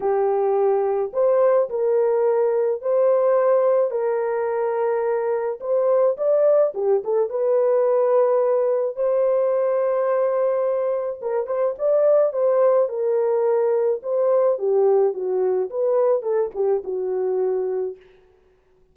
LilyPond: \new Staff \with { instrumentName = "horn" } { \time 4/4 \tempo 4 = 107 g'2 c''4 ais'4~ | ais'4 c''2 ais'4~ | ais'2 c''4 d''4 | g'8 a'8 b'2. |
c''1 | ais'8 c''8 d''4 c''4 ais'4~ | ais'4 c''4 g'4 fis'4 | b'4 a'8 g'8 fis'2 | }